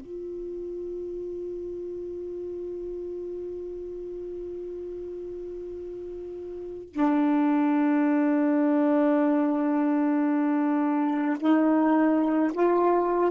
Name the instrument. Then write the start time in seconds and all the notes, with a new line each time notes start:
saxophone
0.00 F4
6.93 D4
11.40 D#4
12.54 F4